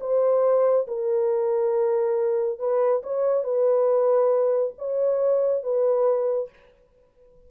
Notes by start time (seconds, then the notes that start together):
0.00 C5
0.87 A#4
2.59 B4
3.03 C#5
3.44 B4
4.78 C#5
5.63 B4